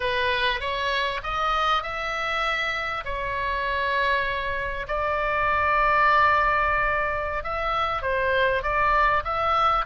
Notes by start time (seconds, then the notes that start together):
0.00 B4
0.60 C#5
1.23 D#5
1.82 E5
3.04 C#5
4.87 D5
7.43 E5
8.02 C5
8.62 D5
9.24 E5